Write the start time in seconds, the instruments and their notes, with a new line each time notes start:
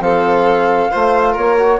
0.00 bassoon F3, trombone C4, violin A4, flute F5
0.91 bassoon A3, trombone F4, violin C5
1.32 bassoon A#3, violin A#4, flute C#5
1.58 trombone F#4